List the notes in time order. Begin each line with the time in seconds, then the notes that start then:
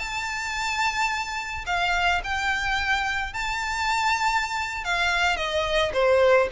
0.00 A5
1.67 F5
2.24 G5
3.34 A5
4.85 F5
5.37 D#5
5.94 C5